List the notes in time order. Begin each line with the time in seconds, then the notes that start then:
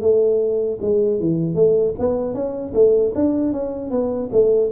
0.00 A3
0.81 G#3
1.19 E3
1.55 A3
1.99 B3
2.34 C#4
2.74 A3
3.15 D4
3.52 C#4
3.90 B3
4.32 A3